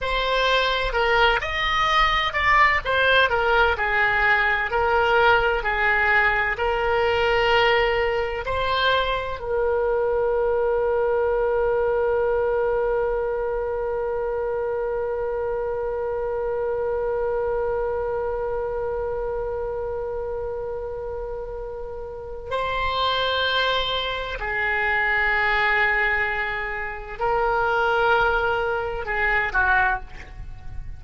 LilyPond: \new Staff \with { instrumentName = "oboe" } { \time 4/4 \tempo 4 = 64 c''4 ais'8 dis''4 d''8 c''8 ais'8 | gis'4 ais'4 gis'4 ais'4~ | ais'4 c''4 ais'2~ | ais'1~ |
ais'1~ | ais'1 | c''2 gis'2~ | gis'4 ais'2 gis'8 fis'8 | }